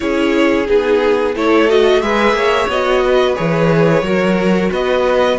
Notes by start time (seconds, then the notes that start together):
0.00 C#4 E4 G#4 C#5
0.66 B3 D#4 G#4
1.35 A3 E4 A4 C#5
1.68 F#4 D#5
2.01 G#3 G#4 B4 E5
2.32 A#3 C#5
2.68 B3 F#4 D#5
3.04 B4
3.35 E3 G#4 C#5
4.02 F#3 F#4 A#4
4.71 B3 B4 D#5